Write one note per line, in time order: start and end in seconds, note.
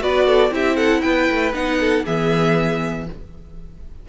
0.00 0.51 B3
0.00 0.51 F#4
0.00 0.27 B4
0.00 0.54 D5
0.27 0.52 A4
0.51 1.02 C4
0.51 1.53 E4
0.51 0.77 G4
0.51 0.77 E5
0.77 1.02 A4
0.77 1.02 F#5
1.02 1.30 B3
1.02 1.79 B4
1.02 1.53 G5
1.31 1.54 A3
1.54 2.04 B3
1.54 2.05 D#4
1.54 2.06 F#5
1.81 2.05 A4
2.05 3.09 E3
2.05 3.07 B3
2.05 3.07 G#4
2.05 3.08 E5